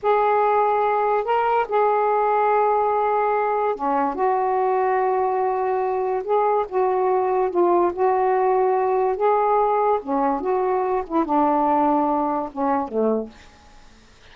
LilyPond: \new Staff \with { instrumentName = "saxophone" } { \time 4/4 \tempo 4 = 144 gis'2. ais'4 | gis'1~ | gis'4 cis'4 fis'2~ | fis'2. gis'4 |
fis'2 f'4 fis'4~ | fis'2 gis'2 | cis'4 fis'4. e'8 d'4~ | d'2 cis'4 a4 | }